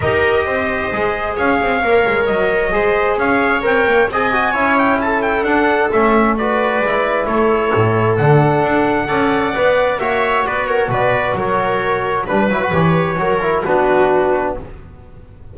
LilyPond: <<
  \new Staff \with { instrumentName = "trumpet" } { \time 4/4 \tempo 4 = 132 dis''2. f''4~ | f''4 dis''2 f''4 | g''4 gis''4. g''8 a''8 g''8 | fis''4 e''4 d''2 |
cis''2 fis''2~ | fis''2 e''4 d''8 cis''8 | d''4 cis''2 b'4 | cis''2 b'2 | }
  \new Staff \with { instrumentName = "viola" } { \time 4/4 ais'4 c''2 cis''4~ | cis''2 c''4 cis''4~ | cis''4 dis''4 cis''4 a'4~ | a'2 b'2 |
a'1 | d''2 cis''4 b'8 ais'8 | b'4 ais'2 b'4~ | b'4 ais'4 fis'2 | }
  \new Staff \with { instrumentName = "trombone" } { \time 4/4 g'2 gis'2 | ais'2 gis'2 | ais'4 gis'8 fis'8 e'2 | d'4 cis'4 fis'4 e'4~ |
e'2 d'2 | a'4 b'4 fis'2~ | fis'2. d'8 e'16 fis'16 | g'4 fis'8 e'8 d'2 | }
  \new Staff \with { instrumentName = "double bass" } { \time 4/4 dis'4 c'4 gis4 cis'8 c'8 | ais8 gis8 fis4 gis4 cis'4 | c'8 ais8 c'4 cis'2 | d'4 a2 gis4 |
a4 a,4 d4 d'4 | cis'4 b4 ais4 b4 | b,4 fis2 g8 fis8 | e4 fis4 b2 | }
>>